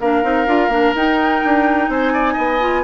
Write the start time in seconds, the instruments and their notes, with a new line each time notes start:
0.00 bassoon A#3, clarinet D4, oboe A#4, flute F5
0.23 bassoon C4, clarinet D#4
0.47 bassoon D4, clarinet F4
0.69 bassoon A#3, clarinet D4
0.95 bassoon D#4, clarinet D#4, flute G5
1.45 bassoon D4
1.89 bassoon C4, oboe C5, flute G#5
2.13 oboe D5
2.34 bassoon B3, oboe D#5
2.61 clarinet F4